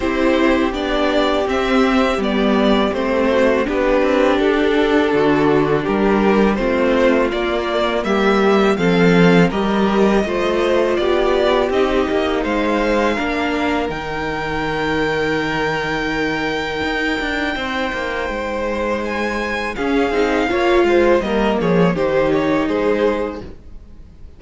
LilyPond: <<
  \new Staff \with { instrumentName = "violin" } { \time 4/4 \tempo 4 = 82 c''4 d''4 e''4 d''4 | c''4 b'4 a'2 | ais'4 c''4 d''4 e''4 | f''4 dis''2 d''4 |
dis''4 f''2 g''4~ | g''1~ | g''2 gis''4 f''4~ | f''4 dis''8 cis''8 c''8 cis''8 c''4 | }
  \new Staff \with { instrumentName = "violin" } { \time 4/4 g'1~ | g'8 fis'8 g'2 fis'4 | g'4 f'2 g'4 | a'4 ais'4 c''4 g'4~ |
g'4 c''4 ais'2~ | ais'1 | c''2. gis'4 | cis''8 c''8 ais'8 gis'8 g'4 gis'4 | }
  \new Staff \with { instrumentName = "viola" } { \time 4/4 e'4 d'4 c'4 b4 | c'4 d'2.~ | d'4 c'4 ais2 | c'4 g'4 f'2 |
dis'2 d'4 dis'4~ | dis'1~ | dis'2. cis'8 dis'8 | f'4 ais4 dis'2 | }
  \new Staff \with { instrumentName = "cello" } { \time 4/4 c'4 b4 c'4 g4 | a4 b8 c'8 d'4 d4 | g4 a4 ais4 g4 | f4 g4 a4 b4 |
c'8 ais8 gis4 ais4 dis4~ | dis2. dis'8 d'8 | c'8 ais8 gis2 cis'8 c'8 | ais8 gis8 g8 f8 dis4 gis4 | }
>>